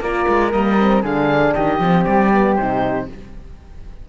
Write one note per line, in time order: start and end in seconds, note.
0.00 0.25 A#3
0.00 0.52 F4
0.00 1.02 A#4
0.00 0.51 D5
0.28 0.53 G#3
0.51 1.02 G3
0.51 0.77 A#3
0.51 1.02 D#5
0.78 1.04 C4
1.02 1.53 D3
1.02 1.80 D4
1.02 1.53 G#4
1.02 1.54 F5
1.54 1.80 D#3
1.54 3.06 G4
1.54 2.04 D#5
1.80 2.05 F3
1.80 2.32 C4
2.04 2.58 G3
2.04 2.55 D5
2.32 2.57 B3
2.55 3.09 C3
2.55 3.08 D#4
2.55 3.06 C5